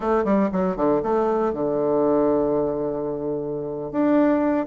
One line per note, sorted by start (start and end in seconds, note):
0.00 0.24 A3
0.24 0.49 G3
0.52 0.76 F#3
0.76 1.01 D3
1.02 1.53 A3
1.53 3.91 D3
3.91 4.66 D4